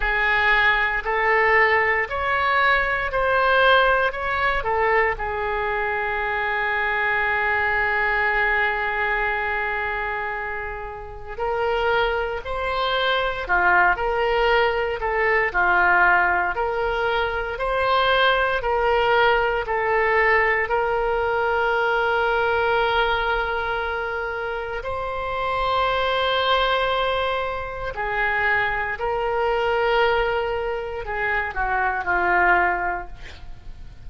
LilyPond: \new Staff \with { instrumentName = "oboe" } { \time 4/4 \tempo 4 = 58 gis'4 a'4 cis''4 c''4 | cis''8 a'8 gis'2.~ | gis'2. ais'4 | c''4 f'8 ais'4 a'8 f'4 |
ais'4 c''4 ais'4 a'4 | ais'1 | c''2. gis'4 | ais'2 gis'8 fis'8 f'4 | }